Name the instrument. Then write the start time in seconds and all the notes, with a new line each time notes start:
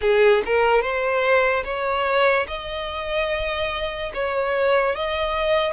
violin
0.01 G#4
0.45 A#4
0.81 C5
1.64 C#5
2.47 D#5
4.14 C#5
4.95 D#5